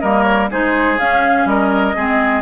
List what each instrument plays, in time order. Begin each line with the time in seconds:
0.00 bassoon G3, clarinet A#3, oboe A#4, flute D#5
0.23 flute C#5
0.51 bassoon G#3, clarinet D#4, oboe G#4, flute C5
0.98 clarinet C#4, bassoon C#4, flute F5
1.45 bassoon G3, oboe A#4, flute D#5
1.96 bassoon G#3, clarinet C4, oboe G#4